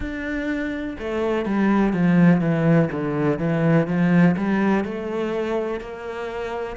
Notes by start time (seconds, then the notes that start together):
0.00 D4
0.99 A3
1.45 G3
1.93 F3
2.40 E3
2.91 D3
3.39 E3
3.87 F3
4.36 G3
4.84 A3
5.80 A#3